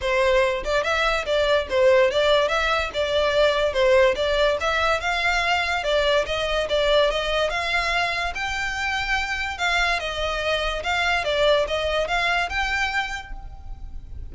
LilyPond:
\new Staff \with { instrumentName = "violin" } { \time 4/4 \tempo 4 = 144 c''4. d''8 e''4 d''4 | c''4 d''4 e''4 d''4~ | d''4 c''4 d''4 e''4 | f''2 d''4 dis''4 |
d''4 dis''4 f''2 | g''2. f''4 | dis''2 f''4 d''4 | dis''4 f''4 g''2 | }